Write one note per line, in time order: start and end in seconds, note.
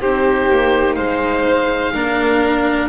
0.00 0.50 C4
0.00 1.94 D#4
0.00 0.96 G4
0.00 0.95 C5
0.50 0.97 A#3
0.95 1.94 G#3
0.95 1.92 C5
0.95 2.88 F5
1.94 2.89 A#3
1.94 2.89 D4
1.94 2.89 A#4